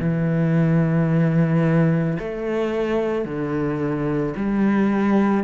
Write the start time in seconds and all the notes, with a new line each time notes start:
0.00 E3
2.19 A3
3.25 D3
4.36 G3